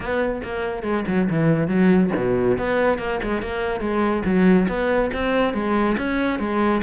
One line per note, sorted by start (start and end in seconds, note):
0.00 0.41 B3
0.43 0.83 A#3
0.83 1.04 G#3
1.07 1.29 F#3
1.29 1.67 E3
1.67 2.10 F#3
2.16 2.58 B2
2.58 2.98 B3
2.98 3.19 A#3
3.23 3.42 G#3
3.42 3.80 A#3
3.80 4.22 G#3
4.25 4.67 F#3
4.68 5.10 B3
5.13 5.53 C4
5.53 5.96 G#3
5.97 6.39 C#4
6.39 6.81 G#3